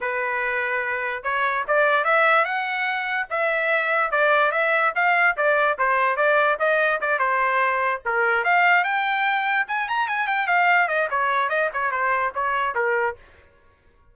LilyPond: \new Staff \with { instrumentName = "trumpet" } { \time 4/4 \tempo 4 = 146 b'2. cis''4 | d''4 e''4 fis''2 | e''2 d''4 e''4 | f''4 d''4 c''4 d''4 |
dis''4 d''8 c''2 ais'8~ | ais'8 f''4 g''2 gis''8 | ais''8 gis''8 g''8 f''4 dis''8 cis''4 | dis''8 cis''8 c''4 cis''4 ais'4 | }